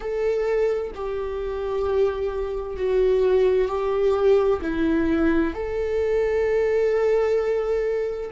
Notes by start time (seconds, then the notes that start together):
0.00 A4
0.94 G4
2.77 F#4
3.68 G4
4.61 E4
5.54 A4